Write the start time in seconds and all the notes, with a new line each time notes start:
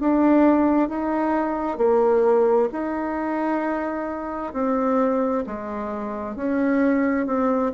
0.00 D4
0.89 D#4
1.78 A#3
2.72 D#4
4.53 C4
5.46 G#3
6.36 C#4
7.26 C4